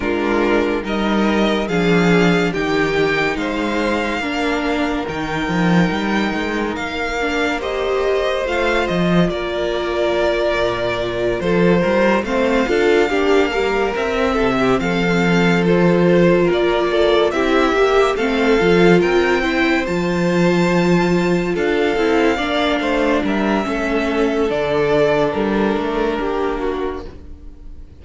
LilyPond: <<
  \new Staff \with { instrumentName = "violin" } { \time 4/4 \tempo 4 = 71 ais'4 dis''4 f''4 g''4 | f''2 g''2 | f''4 dis''4 f''8 dis''8 d''4~ | d''4. c''4 f''4.~ |
f''8 e''4 f''4 c''4 d''8~ | d''8 e''4 f''4 g''4 a''8~ | a''4. f''2 e''8~ | e''4 d''4 ais'2 | }
  \new Staff \with { instrumentName = "violin" } { \time 4/4 f'4 ais'4 gis'4 g'4 | c''4 ais'2.~ | ais'4 c''2 ais'4~ | ais'4. a'8 ais'8 c''8 a'8 g'8 |
ais'4 a'16 g'16 a'2 ais'8 | a'8 g'4 a'4 ais'8 c''4~ | c''4. a'4 d''8 c''8 ais'8 | a'2. g'8 fis'8 | }
  \new Staff \with { instrumentName = "viola" } { \time 4/4 d'4 dis'4 d'4 dis'4~ | dis'4 d'4 dis'2~ | dis'8 d'8 g'4 f'2~ | f'2~ f'8 c'8 f'8 d'8 |
g8 c'2 f'4.~ | f'8 e'8 g'8 c'8 f'4 e'8 f'8~ | f'2 e'8 d'4. | cis'4 d'2. | }
  \new Staff \with { instrumentName = "cello" } { \time 4/4 gis4 g4 f4 dis4 | gis4 ais4 dis8 f8 g8 gis8 | ais2 a8 f8 ais4~ | ais8 ais,4 f8 g8 a8 d'8 ais8~ |
ais8 c'8 c8 f2 ais8~ | ais8 c'8 ais8 a8 f8 c'4 f8~ | f4. d'8 c'8 ais8 a8 g8 | a4 d4 g8 a8 ais4 | }
>>